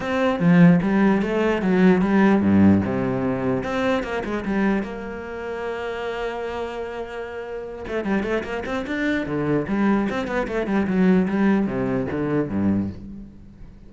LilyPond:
\new Staff \with { instrumentName = "cello" } { \time 4/4 \tempo 4 = 149 c'4 f4 g4 a4 | fis4 g4 g,4 c4~ | c4 c'4 ais8 gis8 g4 | ais1~ |
ais2.~ ais8 a8 | g8 a8 ais8 c'8 d'4 d4 | g4 c'8 b8 a8 g8 fis4 | g4 c4 d4 g,4 | }